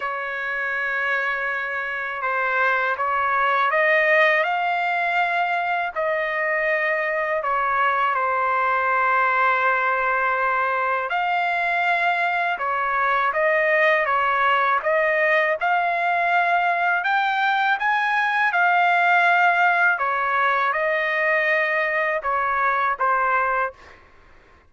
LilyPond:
\new Staff \with { instrumentName = "trumpet" } { \time 4/4 \tempo 4 = 81 cis''2. c''4 | cis''4 dis''4 f''2 | dis''2 cis''4 c''4~ | c''2. f''4~ |
f''4 cis''4 dis''4 cis''4 | dis''4 f''2 g''4 | gis''4 f''2 cis''4 | dis''2 cis''4 c''4 | }